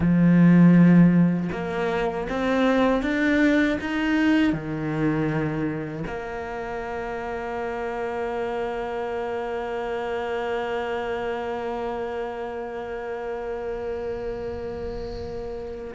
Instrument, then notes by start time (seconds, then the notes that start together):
cello
0.00 F3
1.52 A#3
2.29 C4
3.02 D4
3.80 D#4
4.52 D#3
6.06 A#3